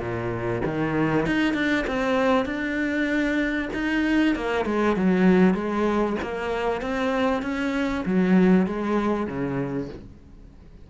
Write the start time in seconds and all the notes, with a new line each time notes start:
0.00 A#2
0.65 D#3
1.27 D#4
1.54 D4
1.87 C4
2.46 D4
3.74 D#4
4.36 A#3
4.66 G#3
4.97 F#3
5.55 G#3
6.22 A#3
6.82 C4
7.43 C#4
8.06 F#3
8.66 G#3
9.28 C#3